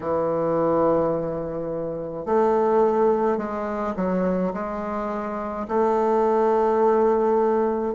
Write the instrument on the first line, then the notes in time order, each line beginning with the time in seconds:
bassoon
0.00 E3
2.25 A3
3.37 G#3
3.96 F#3
4.53 G#3
5.68 A3